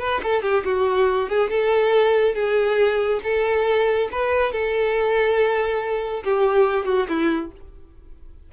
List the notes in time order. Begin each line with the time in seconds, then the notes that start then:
0.00 B4
0.24 A4
0.43 G4
0.65 F#4
1.30 G#4
1.51 A4
2.35 G#4
3.24 A4
4.12 B4
4.53 A4
6.24 G4
6.86 F#4
7.09 E4